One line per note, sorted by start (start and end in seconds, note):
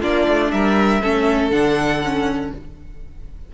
0.00 0.27 A#3
0.00 1.02 D4
0.00 0.50 F4
0.00 0.51 D5
0.28 0.52 A3
0.51 1.02 G3
0.51 1.01 A#4
0.51 1.51 E5
1.01 1.51 A3
1.01 1.51 C#4
1.01 2.51 A4
1.51 2.51 D3
1.51 2.01 D4
1.51 2.51 F#5
2.04 2.54 C#4